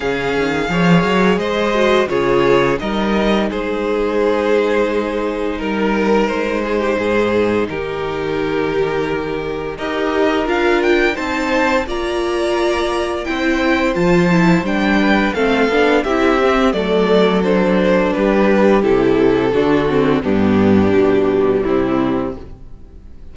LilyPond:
<<
  \new Staff \with { instrumentName = "violin" } { \time 4/4 \tempo 4 = 86 f''2 dis''4 cis''4 | dis''4 c''2. | ais'4 c''2 ais'4~ | ais'2 dis''4 f''8 g''8 |
a''4 ais''2 g''4 | a''4 g''4 f''4 e''4 | d''4 c''4 b'4 a'4~ | a'4 g'2 e'4 | }
  \new Staff \with { instrumentName = "violin" } { \time 4/4 gis'4 cis''4 c''4 gis'4 | ais'4 gis'2. | ais'4. gis'16 g'16 gis'4 g'4~ | g'2 ais'2 |
c''4 d''2 c''4~ | c''4. b'8 a'4 g'4 | a'2 g'2 | fis'4 d'2 c'4 | }
  \new Staff \with { instrumentName = "viola" } { \time 4/4 cis'4 gis'4. fis'8 f'4 | dis'1~ | dis'1~ | dis'2 g'4 f'4 |
dis'4 f'2 e'4 | f'8 e'8 d'4 c'8 d'8 e'8 c'8 | a4 d'2 e'4 | d'8 c'8 b4 g2 | }
  \new Staff \with { instrumentName = "cello" } { \time 4/4 cis8 dis8 f8 fis8 gis4 cis4 | g4 gis2. | g4 gis4 gis,4 dis4~ | dis2 dis'4 d'4 |
c'4 ais2 c'4 | f4 g4 a8 b8 c'4 | fis2 g4 c4 | d4 g,4 b,4 c4 | }
>>